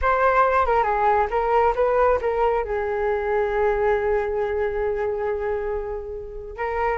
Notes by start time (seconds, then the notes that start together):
0.01 C5
0.66 A#4
0.83 G#4
1.30 A#4
1.75 B4
2.21 A#4
2.64 G#4
6.56 A#4